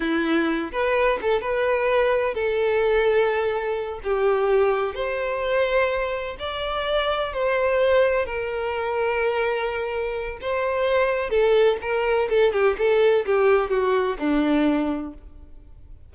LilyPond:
\new Staff \with { instrumentName = "violin" } { \time 4/4 \tempo 4 = 127 e'4. b'4 a'8 b'4~ | b'4 a'2.~ | a'8 g'2 c''4.~ | c''4. d''2 c''8~ |
c''4. ais'2~ ais'8~ | ais'2 c''2 | a'4 ais'4 a'8 g'8 a'4 | g'4 fis'4 d'2 | }